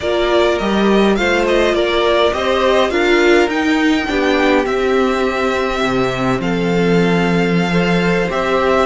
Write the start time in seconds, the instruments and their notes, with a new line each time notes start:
0.00 cello A#3, viola F4, violin A#4 D5
0.58 cello G3, viola G4, violin D#5
1.15 cello A3, viola F4, violin C5 F5
1.47 violin D#5
1.73 cello A#3, violin A#4 D5
2.32 cello C4, viola G4, violin C5 D#5
2.90 cello D4, viola F4, violin A#4 F5
3.47 cello D#4, viola D#4, violin G5
4.06 cello B3, viola D4, violin G4
4.65 viola C4, cello C4, violin E5
5.83 cello C3
6.39 cello F3, violin A4 F5
7.70 viola A4, violin C5
8.29 cello C4, viola G4, violin E5